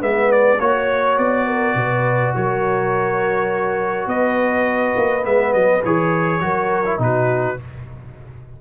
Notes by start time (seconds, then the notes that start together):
0.00 G#3 B3 B4 E5
0.32 D5
0.60 A#3 F#4 C#5
1.18 B3 D5
1.46 A#4
1.75 B2 B4
2.35 F#3 A#4 C#5
4.07 B3 B4 D#5
4.96 A#3
5.22 G#3 B3 E5
5.53 F#3 D#5
5.84 E3 G#4 C#5
6.41 F#3 F#4 A#4
6.85 E4
6.98 B2 D#4 F#4 B4